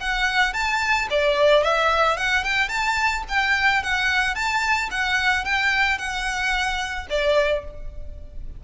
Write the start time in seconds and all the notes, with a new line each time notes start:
0.00 F#5
0.53 A5
1.10 D5
1.63 E5
2.17 F#5
2.43 G5
2.69 A5
3.29 G5
3.83 F#5
4.35 A5
4.91 F#5
5.44 G5
5.98 F#5
7.10 D5